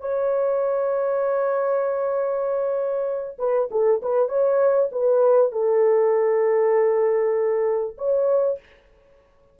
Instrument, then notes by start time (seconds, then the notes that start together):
horn
0.00 C#5
3.38 B4
3.71 A4
4.02 B4
4.28 C#5
4.92 B4
5.52 A4
7.98 C#5